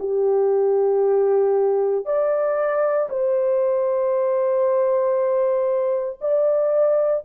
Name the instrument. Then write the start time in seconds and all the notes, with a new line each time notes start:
horn
0.00 G4
2.06 D5
3.10 C5
6.21 D5